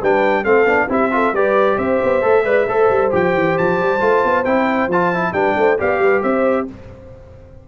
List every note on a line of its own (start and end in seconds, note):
0.00 0.46 G3
0.00 0.45 D4
0.00 0.43 B4
0.00 0.44 G5
0.43 0.65 A3
0.43 0.66 C4
0.43 0.87 A4
0.43 0.89 F5
0.65 0.87 B3
0.65 0.89 D4
0.89 1.33 C4
0.89 1.12 E4
0.89 1.12 G4
0.89 1.35 E5
1.12 1.34 F4
1.12 1.34 A4
1.33 1.77 G3
1.33 2.22 G4
1.33 1.77 B4
1.33 1.79 D5
1.77 2.00 C4
1.77 2.44 C5
1.77 3.12 E5
2.04 2.23 B3
2.22 2.44 A3
2.22 2.44 A4
2.44 2.66 G#3
2.44 2.67 B4
2.44 2.67 D5
2.67 2.89 A3
2.67 3.11 A4
2.67 5.34 C5
2.90 3.12 G3
3.11 3.34 F3
3.11 4.00 G4
3.11 3.58 G5
3.34 3.56 E3
3.58 3.80 F3
3.58 4.45 A5
3.80 4.01 G3
4.00 4.23 A3
4.00 4.45 F4
4.24 4.45 B3
4.45 4.88 C4
4.45 4.90 E4
4.45 4.89 G5
4.88 5.32 F3
4.88 5.14 F4
4.88 5.33 A5
5.14 5.34 E4
5.33 5.55 G3
5.33 5.78 D4
5.33 5.56 B4
5.33 5.78 G5
5.56 5.79 A3
5.56 5.79 C5
5.79 5.99 B3
5.79 6.67 G4
5.79 6.01 D5
5.79 6.23 F5
5.99 6.21 G3
5.99 6.23 B4
6.23 6.68 C4
6.23 6.68 C5
6.23 6.67 E5